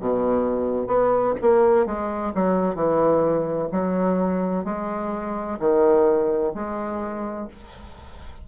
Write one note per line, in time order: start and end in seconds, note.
0.00 0.87 B2
0.87 1.34 B3
1.41 1.86 A#3
1.86 2.33 G#3
2.34 2.75 F#3
2.75 3.69 E3
3.72 4.65 F#3
4.65 5.59 G#3
5.60 6.53 D#3
6.54 7.48 G#3